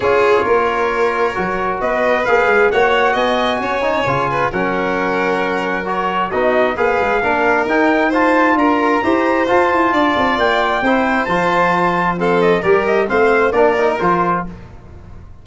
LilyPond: <<
  \new Staff \with { instrumentName = "trumpet" } { \time 4/4 \tempo 4 = 133 cis''1 | dis''4 f''4 fis''4 gis''4~ | gis''2 fis''2~ | fis''4 cis''4 dis''4 f''4~ |
f''4 g''4 a''4 ais''4~ | ais''4 a''2 g''4~ | g''4 a''2 f''8 dis''8 | d''8 dis''8 f''4 d''4 c''4 | }
  \new Staff \with { instrumentName = "violin" } { \time 4/4 gis'4 ais'2. | b'2 cis''4 dis''4 | cis''4. b'8 ais'2~ | ais'2 fis'4 b'4 |
ais'2 c''4 ais'4 | c''2 d''2 | c''2. a'4 | ais'4 c''4 ais'2 | }
  \new Staff \with { instrumentName = "trombone" } { \time 4/4 f'2. fis'4~ | fis'4 gis'4 fis'2~ | fis'8 dis'8 f'4 cis'2~ | cis'4 fis'4 dis'4 gis'4 |
d'4 dis'4 f'2 | g'4 f'2. | e'4 f'2 c'4 | g'4 c'4 d'8 dis'8 f'4 | }
  \new Staff \with { instrumentName = "tuba" } { \time 4/4 cis'4 ais2 fis4 | b4 ais8 gis8 ais4 b4 | cis'4 cis4 fis2~ | fis2 b4 ais8 gis8 |
ais4 dis'2 d'4 | e'4 f'8 e'8 d'8 c'8 ais4 | c'4 f2. | g4 a4 ais4 f4 | }
>>